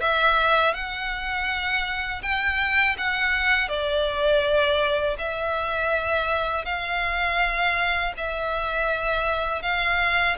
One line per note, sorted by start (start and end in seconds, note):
0.00 0.73 E5
0.73 2.22 F#5
2.22 2.96 G5
2.97 3.68 F#5
3.68 5.16 D5
5.18 6.65 E5
6.65 8.13 F5
8.16 9.62 E5
9.62 10.36 F5